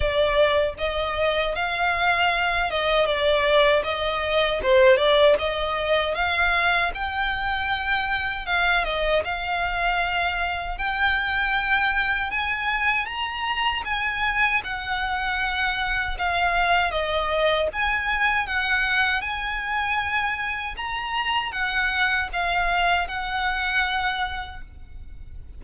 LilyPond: \new Staff \with { instrumentName = "violin" } { \time 4/4 \tempo 4 = 78 d''4 dis''4 f''4. dis''8 | d''4 dis''4 c''8 d''8 dis''4 | f''4 g''2 f''8 dis''8 | f''2 g''2 |
gis''4 ais''4 gis''4 fis''4~ | fis''4 f''4 dis''4 gis''4 | fis''4 gis''2 ais''4 | fis''4 f''4 fis''2 | }